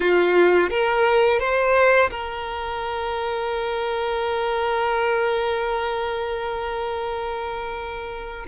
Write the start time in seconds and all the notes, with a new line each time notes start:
0.00 F4
0.69 A#4
1.39 C5
2.10 A#4